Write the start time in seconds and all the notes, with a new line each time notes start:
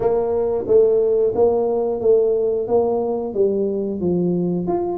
0.00 A#3
0.67 A3
1.35 A#3
2.01 A3
2.67 A#3
3.33 G3
4.00 F3
4.67 F4